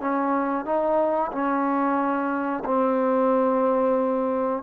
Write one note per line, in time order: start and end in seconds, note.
0.00 0.65 C#4
0.65 1.31 D#4
1.32 2.63 C#4
2.65 4.62 C4